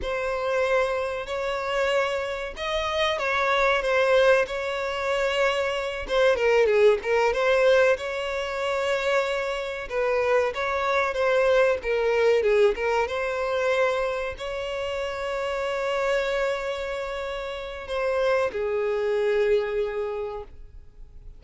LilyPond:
\new Staff \with { instrumentName = "violin" } { \time 4/4 \tempo 4 = 94 c''2 cis''2 | dis''4 cis''4 c''4 cis''4~ | cis''4. c''8 ais'8 gis'8 ais'8 c''8~ | c''8 cis''2. b'8~ |
b'8 cis''4 c''4 ais'4 gis'8 | ais'8 c''2 cis''4.~ | cis''1 | c''4 gis'2. | }